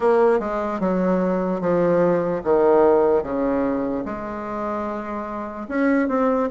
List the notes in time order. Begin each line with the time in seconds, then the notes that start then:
0.00 A#3
0.39 G#3
0.80 F#3
1.60 F3
2.44 D#3
3.23 C#3
4.05 G#3
5.68 C#4
6.08 C4